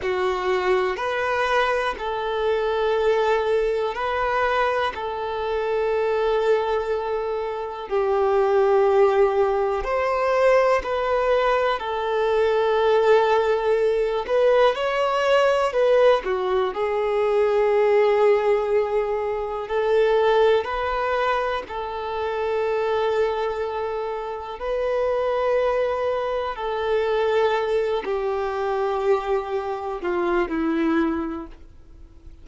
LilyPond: \new Staff \with { instrumentName = "violin" } { \time 4/4 \tempo 4 = 61 fis'4 b'4 a'2 | b'4 a'2. | g'2 c''4 b'4 | a'2~ a'8 b'8 cis''4 |
b'8 fis'8 gis'2. | a'4 b'4 a'2~ | a'4 b'2 a'4~ | a'8 g'2 f'8 e'4 | }